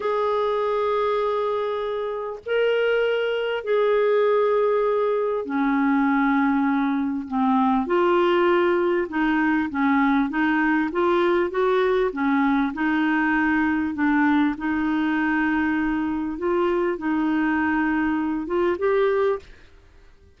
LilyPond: \new Staff \with { instrumentName = "clarinet" } { \time 4/4 \tempo 4 = 99 gis'1 | ais'2 gis'2~ | gis'4 cis'2. | c'4 f'2 dis'4 |
cis'4 dis'4 f'4 fis'4 | cis'4 dis'2 d'4 | dis'2. f'4 | dis'2~ dis'8 f'8 g'4 | }